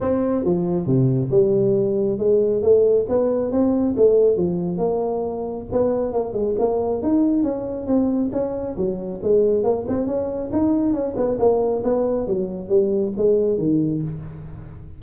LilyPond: \new Staff \with { instrumentName = "tuba" } { \time 4/4 \tempo 4 = 137 c'4 f4 c4 g4~ | g4 gis4 a4 b4 | c'4 a4 f4 ais4~ | ais4 b4 ais8 gis8 ais4 |
dis'4 cis'4 c'4 cis'4 | fis4 gis4 ais8 c'8 cis'4 | dis'4 cis'8 b8 ais4 b4 | fis4 g4 gis4 dis4 | }